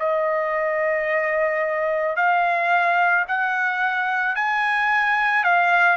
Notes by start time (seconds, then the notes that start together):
0.00 D#5
2.17 F5
3.28 F#5
4.36 G#5
5.44 F5